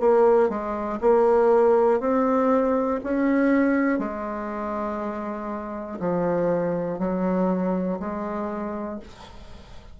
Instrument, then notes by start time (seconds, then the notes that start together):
bassoon
0.00 A#3
0.50 G#3
1.00 A#3
2.00 C4
3.04 C#4
3.99 G#3
6.00 F3
6.99 F#3
8.00 G#3